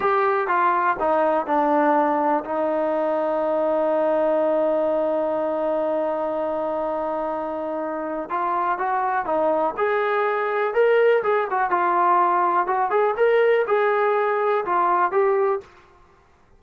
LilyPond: \new Staff \with { instrumentName = "trombone" } { \time 4/4 \tempo 4 = 123 g'4 f'4 dis'4 d'4~ | d'4 dis'2.~ | dis'1~ | dis'1~ |
dis'4 f'4 fis'4 dis'4 | gis'2 ais'4 gis'8 fis'8 | f'2 fis'8 gis'8 ais'4 | gis'2 f'4 g'4 | }